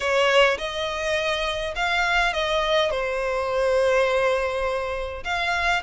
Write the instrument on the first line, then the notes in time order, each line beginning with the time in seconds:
violin
0.00 C#5
0.57 D#5
1.75 F5
2.33 D#5
2.90 C5
5.24 F5